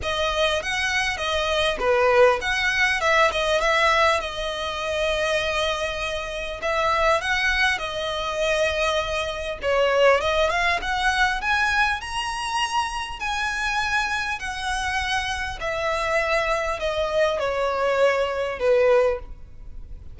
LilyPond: \new Staff \with { instrumentName = "violin" } { \time 4/4 \tempo 4 = 100 dis''4 fis''4 dis''4 b'4 | fis''4 e''8 dis''8 e''4 dis''4~ | dis''2. e''4 | fis''4 dis''2. |
cis''4 dis''8 f''8 fis''4 gis''4 | ais''2 gis''2 | fis''2 e''2 | dis''4 cis''2 b'4 | }